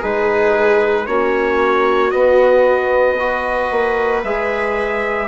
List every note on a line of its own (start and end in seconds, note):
0.00 1.07 G#3
0.00 1.07 D#4
0.00 1.05 G#4
0.00 1.07 B4
1.07 2.12 A#3
1.07 2.11 C#4
1.07 3.19 F#4
1.07 2.11 C#5
2.11 3.16 B3
2.11 3.71 B3
2.11 4.21 D#5
3.19 4.24 F#4
3.19 5.29 B4
3.71 4.24 A#3
4.24 5.29 G#3
4.24 5.29 G#4
4.24 5.29 E5